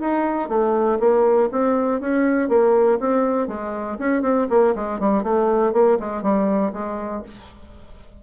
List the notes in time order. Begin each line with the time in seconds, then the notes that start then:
0.00 D#4
0.49 A3
0.99 A#3
1.52 C4
2.00 C#4
2.49 A#3
3.00 C4
3.48 G#3
3.99 C#4
4.22 C4
4.49 A#3
4.75 G#3
4.99 G3
5.23 A3
5.73 A#3
6.00 G#3
6.22 G3
6.73 G#3